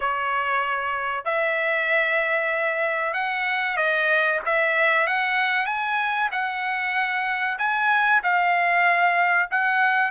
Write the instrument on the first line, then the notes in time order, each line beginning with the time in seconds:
trumpet
0.00 C#5
1.24 E5
3.13 F#5
3.77 D#5
4.45 E5
5.06 F#5
5.66 G#5
6.31 F#5
7.58 G#5
8.23 F5
9.50 F#5